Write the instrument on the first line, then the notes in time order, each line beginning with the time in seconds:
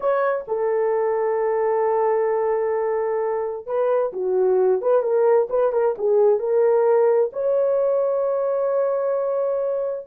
horn
0.00 C#5
0.47 A4
3.66 B4
4.12 F#4
4.81 B4
5.02 A#4
5.49 B4
5.72 A#4
5.98 G#4
6.39 A#4
7.33 C#5